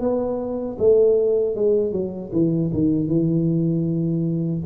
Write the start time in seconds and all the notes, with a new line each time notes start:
0.00 B3
0.78 A3
1.55 G#3
1.92 F#3
2.32 E3
2.73 D#3
3.07 E3